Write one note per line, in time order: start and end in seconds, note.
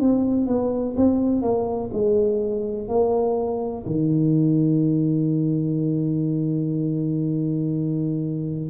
0.00 0.47 C4
0.47 0.95 B3
0.97 1.42 C4
1.42 1.90 A#3
1.94 2.88 G#3
2.88 3.85 A#3
3.87 8.70 D#3